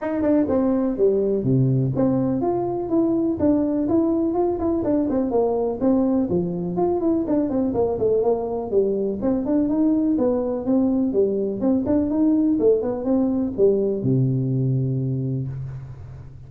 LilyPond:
\new Staff \with { instrumentName = "tuba" } { \time 4/4 \tempo 4 = 124 dis'8 d'8 c'4 g4 c4 | c'4 f'4 e'4 d'4 | e'4 f'8 e'8 d'8 c'8 ais4 | c'4 f4 f'8 e'8 d'8 c'8 |
ais8 a8 ais4 g4 c'8 d'8 | dis'4 b4 c'4 g4 | c'8 d'8 dis'4 a8 b8 c'4 | g4 c2. | }